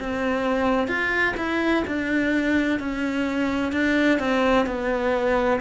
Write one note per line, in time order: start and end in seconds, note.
0.00 0.88 C4
0.88 1.35 F4
1.37 1.84 E4
1.87 2.80 D4
2.80 3.72 C#4
3.72 4.19 D4
4.19 4.66 C4
4.66 5.60 B3